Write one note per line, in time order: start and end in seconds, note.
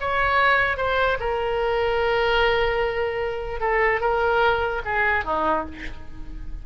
0.00 0.77 C#5
0.77 1.18 C5
1.20 3.60 A#4
3.60 4.01 A4
4.01 4.82 A#4
4.85 5.25 G#4
5.25 5.65 D#4